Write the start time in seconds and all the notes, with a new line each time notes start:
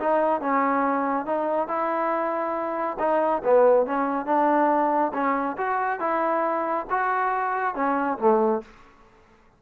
0.00 D#4
0.41 C#4
1.26 D#4
1.68 E4
2.99 D#4
3.44 B3
3.86 C#4
4.26 D4
5.14 C#4
5.58 F#4
6.00 E4
6.90 F#4
7.75 C#4
8.19 A3